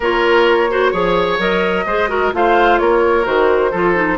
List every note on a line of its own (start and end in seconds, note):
0.00 0.93 A#3
0.00 0.70 F4
0.00 0.70 A#4
0.00 1.40 C#5
0.70 0.93 F#4
0.70 0.91 C5
0.91 1.38 F3
0.91 1.39 G#4
0.91 1.84 C#5
1.38 1.85 F#3
1.38 1.85 A#4
1.38 2.33 D#5
1.85 2.32 G#3
1.85 2.08 G#4
1.85 2.09 C5
2.08 2.31 F#4
2.08 2.32 A#4
2.33 2.79 A3
2.33 3.24 F4
2.33 2.80 C5
2.33 2.78 F5
2.78 3.26 A#3
2.78 3.71 A#4
2.78 3.24 C#5
3.24 3.72 D#3
3.24 3.70 F#4
3.24 4.18 C5
3.71 4.18 F3
3.71 3.95 F4
3.71 4.17 A4
3.95 4.18 D#4